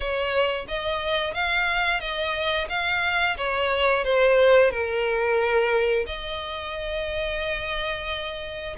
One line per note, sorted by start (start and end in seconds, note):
0.00 0.66 C#5
0.68 1.33 D#5
1.33 2.00 F5
2.00 2.67 D#5
2.69 3.36 F5
3.37 4.04 C#5
4.04 4.70 C5
4.70 6.05 A#4
6.06 8.76 D#5